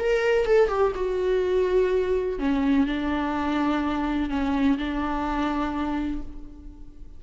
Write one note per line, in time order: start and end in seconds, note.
0.00 0.46 A#4
0.46 0.69 A4
0.69 0.93 G4
0.96 2.39 F#4
2.39 2.87 C#4
2.87 4.30 D4
4.30 4.78 C#4
4.78 6.22 D4